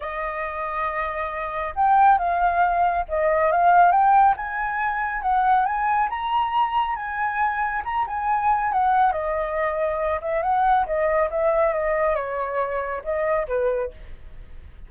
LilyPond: \new Staff \with { instrumentName = "flute" } { \time 4/4 \tempo 4 = 138 dis''1 | g''4 f''2 dis''4 | f''4 g''4 gis''2 | fis''4 gis''4 ais''2 |
gis''2 ais''8 gis''4. | fis''4 dis''2~ dis''8 e''8 | fis''4 dis''4 e''4 dis''4 | cis''2 dis''4 b'4 | }